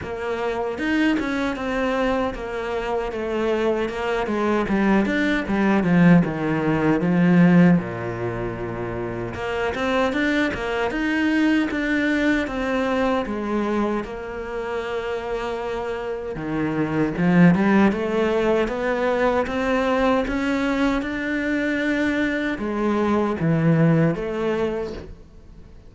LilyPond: \new Staff \with { instrumentName = "cello" } { \time 4/4 \tempo 4 = 77 ais4 dis'8 cis'8 c'4 ais4 | a4 ais8 gis8 g8 d'8 g8 f8 | dis4 f4 ais,2 | ais8 c'8 d'8 ais8 dis'4 d'4 |
c'4 gis4 ais2~ | ais4 dis4 f8 g8 a4 | b4 c'4 cis'4 d'4~ | d'4 gis4 e4 a4 | }